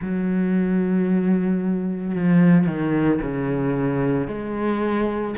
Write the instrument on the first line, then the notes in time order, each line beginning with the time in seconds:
cello
0.01 F#3
2.14 F3
2.66 D#3
3.21 C#3
4.27 G#3